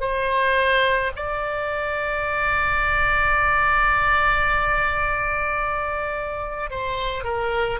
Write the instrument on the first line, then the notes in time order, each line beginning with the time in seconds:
oboe
0.00 C5
1.16 D5
6.70 C5
7.24 A#4